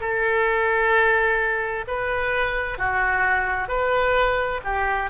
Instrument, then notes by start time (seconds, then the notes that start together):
oboe
0.00 A4
1.88 B4
2.78 F#4
3.68 B4
4.64 G4